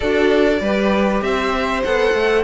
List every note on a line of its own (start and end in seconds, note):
0.00 0.61 D4
0.00 0.63 F#4
0.00 0.60 A4
0.00 1.22 D5
0.61 1.21 G3
0.61 1.85 G4
0.61 1.23 B4
1.21 1.82 C4
1.21 2.43 C5
1.21 1.83 E5
1.84 2.13 B3
1.84 2.43 A4
1.84 2.43 F#5
2.13 2.43 A3